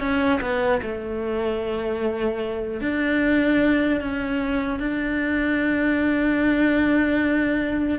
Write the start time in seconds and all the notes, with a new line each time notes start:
0.00 C#4
0.41 B3
0.83 A3
2.81 D4
4.01 C#4
4.80 D4